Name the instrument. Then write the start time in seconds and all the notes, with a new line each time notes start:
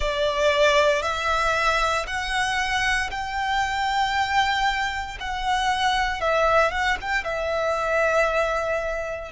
violin
0.00 D5
1.02 E5
2.06 F#5
3.10 G5
5.20 F#5
6.20 E5
6.71 F#5
7.01 G5
7.24 E5